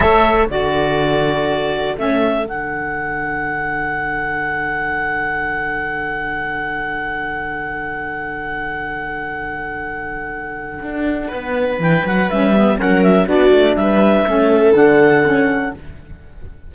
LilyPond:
<<
  \new Staff \with { instrumentName = "clarinet" } { \time 4/4 \tempo 4 = 122 e''4 d''2. | e''4 fis''2.~ | fis''1~ | fis''1~ |
fis''1~ | fis''1 | g''8 fis''8 e''4 fis''8 e''8 d''4 | e''2 fis''2 | }
  \new Staff \with { instrumentName = "viola" } { \time 4/4 cis''4 a'2.~ | a'1~ | a'1~ | a'1~ |
a'1~ | a'2. b'4~ | b'2 ais'4 fis'4 | b'4 a'2. | }
  \new Staff \with { instrumentName = "saxophone" } { \time 4/4 a'4 fis'2. | cis'4 d'2.~ | d'1~ | d'1~ |
d'1~ | d'1~ | d'4 cis'8 b8 cis'4 d'4~ | d'4 cis'4 d'4 cis'4 | }
  \new Staff \with { instrumentName = "cello" } { \time 4/4 a4 d2. | a4 d2.~ | d1~ | d1~ |
d1~ | d2 d'4 b4 | e8 fis8 g4 fis4 b8 a8 | g4 a4 d2 | }
>>